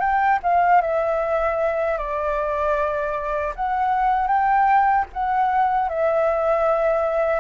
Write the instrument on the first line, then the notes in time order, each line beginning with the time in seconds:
flute
0.00 G5
0.43 F5
0.81 E5
1.98 D5
3.55 F#5
4.27 G5
5.13 F#5
5.89 E5